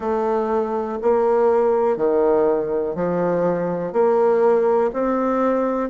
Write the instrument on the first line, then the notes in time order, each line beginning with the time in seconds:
bassoon
0.00 A3
1.01 A#3
1.97 D#3
2.95 F3
3.92 A#3
4.93 C4